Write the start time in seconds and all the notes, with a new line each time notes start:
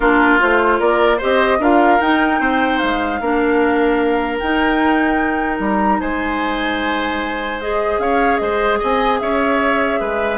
0.00 A#3 D4 F4 A#4
0.39 A3 F4 C5
0.79 A#3 A#4 D5
1.17 C4 G4 C5 D#5
1.59 D4 F4 A#4 F5
2.00 D#4 G5
2.39 C4 C5
2.78 G#3 F5
3.20 A#3 D4 A#4
4.39 D#4 G5
5.59 G3 A#5
6.00 G#3 C5 G#5
7.60 G#4 D#5
7.98 C#4 C#5 F5
8.37 G#3 C5 D#5
8.79 C4 D#5 G#5
9.19 C#4 C#5 E5
10.00 G#3 B4